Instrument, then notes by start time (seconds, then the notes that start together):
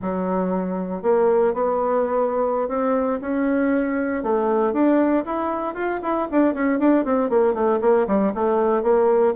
bassoon
0.02 F#3
1.02 A#3
1.53 B3
2.68 C4
3.21 C#4
4.23 A3
4.72 D4
5.25 E4
5.74 F4
6.02 E4
6.31 D4
6.53 C#4
6.79 D4
7.05 C4
7.29 A#3
7.54 A3
7.81 A#3
8.07 G3
8.34 A3
8.83 A#3